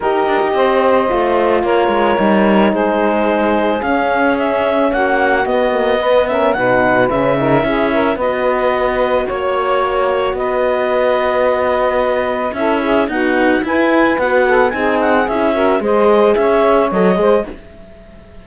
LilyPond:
<<
  \new Staff \with { instrumentName = "clarinet" } { \time 4/4 \tempo 4 = 110 dis''2. cis''4~ | cis''4 c''2 f''4 | e''4 fis''4 dis''4. e''8 | fis''4 e''2 dis''4~ |
dis''4 cis''2 dis''4~ | dis''2. e''4 | fis''4 gis''4 fis''4 gis''8 fis''8 | e''4 dis''4 e''4 dis''4 | }
  \new Staff \with { instrumentName = "saxophone" } { \time 4/4 ais'4 c''2 ais'4~ | ais'4 gis'2.~ | gis'4 fis'2 b'8 ais'8 | b'4. ais'8 gis'8 ais'8 b'4~ |
b'4 cis''2 b'4~ | b'2. a'8 gis'8 | fis'4 b'4. a'8 gis'4~ | gis'8 ais'8 c''4 cis''4. c''8 | }
  \new Staff \with { instrumentName = "horn" } { \time 4/4 g'2 f'2 | dis'2. cis'4~ | cis'2 b8 ais8 b8 cis'8 | dis'4 cis'8 dis'8 e'4 fis'4~ |
fis'1~ | fis'2. e'4 | b4 e'4 fis'4 dis'4 | e'8 fis'8 gis'2 a'8 gis'8 | }
  \new Staff \with { instrumentName = "cello" } { \time 4/4 dis'8 d'16 dis'16 c'4 a4 ais8 gis8 | g4 gis2 cis'4~ | cis'4 ais4 b2 | b,4 cis4 cis'4 b4~ |
b4 ais2 b4~ | b2. cis'4 | dis'4 e'4 b4 c'4 | cis'4 gis4 cis'4 fis8 gis8 | }
>>